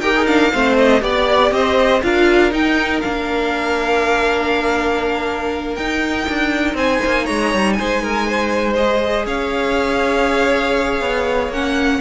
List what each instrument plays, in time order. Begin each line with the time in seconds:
0.00 cello D#4, viola G4, violin A#4 G5
0.15 viola G#4
0.26 viola D4, violin F5
0.51 cello A3, viola C4, violin C5
0.77 violin D#5
1.00 cello B3, viola G4, violin D5
1.51 cello C4, violin C5 D#5
2.03 cello D4, viola F4, violin A#4 F5
2.50 viola D#4, cello D#4, violin G5
3.00 cello A#3, viola D4, violin F5
5.75 cello D#4, viola D#4, violin G5
6.29 cello D4
6.74 cello C4, violin C5 G#5
7.05 cello A#3
7.25 cello G#3, violin C#5 A#5
7.54 cello G3
7.72 violin G#5
7.79 cello G#3, violin C5
8.02 violin A#4
8.27 violin C5
8.76 viola G#4, violin D#5
9.26 cello C#4, violin C#5 F5
11.00 cello B3
11.49 cello A#3, viola C#4, violin F#5